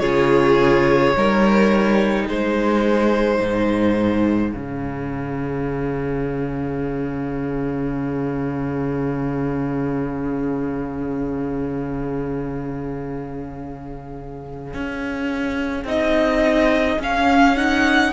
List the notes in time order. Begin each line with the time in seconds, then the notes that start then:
0.00 C#3 F4 G#4 C#5
1.17 G3 D#4 A#4
2.26 G#3 G#4 C5
3.41 G#2
4.53 C#3 C#4 F5
14.74 C#4
15.85 C4 D#4 D#5
16.99 C#4 F5
17.57 D#4 F#5